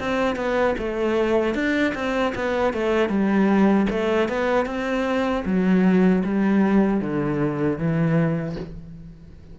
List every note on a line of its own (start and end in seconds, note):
0.00 0.36 C4
0.36 0.75 B3
0.78 1.55 A3
1.55 1.94 D4
1.95 2.34 C4
2.36 2.73 B3
2.73 3.09 A3
3.09 3.87 G3
3.90 4.29 A3
4.29 4.66 B3
4.66 5.44 C4
5.45 6.23 F#3
6.24 7.01 G3
7.01 7.78 D3
7.78 8.56 E3